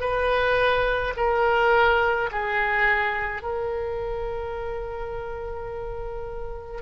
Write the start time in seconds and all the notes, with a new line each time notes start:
0.00 B4
1.16 A#4
2.31 G#4
3.42 A#4